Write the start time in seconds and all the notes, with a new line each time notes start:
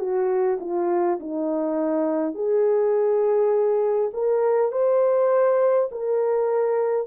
0.00 F#4
0.60 F4
1.20 D#4
2.35 G#4
4.13 A#4
4.72 C5
5.92 A#4